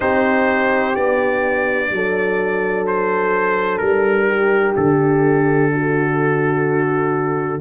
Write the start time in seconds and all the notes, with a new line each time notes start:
0.00 C4 D#4 G4 C5
0.94 B3 D4 D5
1.90 F#3 A4
2.86 C5
3.78 G3 A#4
4.28 G4
4.76 D3 A4
5.72 F#4